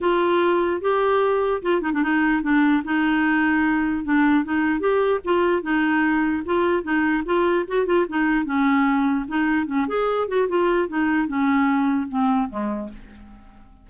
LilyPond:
\new Staff \with { instrumentName = "clarinet" } { \time 4/4 \tempo 4 = 149 f'2 g'2 | f'8 dis'16 d'16 dis'4 d'4 dis'4~ | dis'2 d'4 dis'4 | g'4 f'4 dis'2 |
f'4 dis'4 f'4 fis'8 f'8 | dis'4 cis'2 dis'4 | cis'8 gis'4 fis'8 f'4 dis'4 | cis'2 c'4 gis4 | }